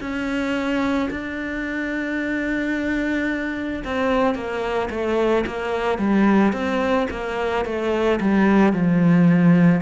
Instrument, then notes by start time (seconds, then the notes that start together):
cello
0.00 C#4
1.11 D4
3.84 C4
4.35 A#3
4.90 A3
5.46 A#3
5.98 G3
6.53 C4
7.11 A#3
7.65 A3
8.21 G3
8.73 F3